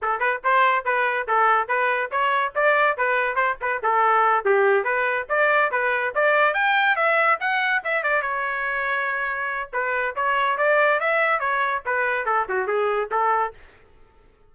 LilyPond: \new Staff \with { instrumentName = "trumpet" } { \time 4/4 \tempo 4 = 142 a'8 b'8 c''4 b'4 a'4 | b'4 cis''4 d''4 b'4 | c''8 b'8 a'4. g'4 b'8~ | b'8 d''4 b'4 d''4 g''8~ |
g''8 e''4 fis''4 e''8 d''8 cis''8~ | cis''2. b'4 | cis''4 d''4 e''4 cis''4 | b'4 a'8 fis'8 gis'4 a'4 | }